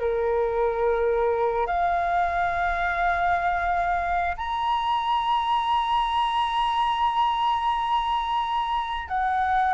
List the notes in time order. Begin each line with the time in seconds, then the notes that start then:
0.00 A#4
1.67 F5
4.38 A#5
9.09 F#5